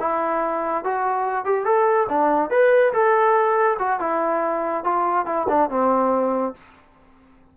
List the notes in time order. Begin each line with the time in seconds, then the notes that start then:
0.00 E4
0.85 F#4
1.45 G4
1.65 A4
2.09 D4
2.50 B4
2.93 A4
3.79 F#4
4.00 E4
4.84 F4
5.26 E4
5.49 D4
5.70 C4